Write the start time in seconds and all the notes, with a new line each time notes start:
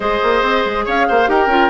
0.00 G#3 G#4 C5 D#5
0.23 A#3
0.42 C4
0.65 G#3
0.85 C#4 C#5 F5
1.08 A#3 C5
1.26 D#4 G4 A#4 G5
1.46 C#4 F4